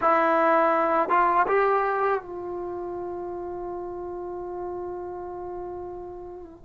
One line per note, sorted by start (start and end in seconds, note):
0.01 1.09 E4
1.09 1.46 F4
1.47 2.21 G4
2.21 6.64 F4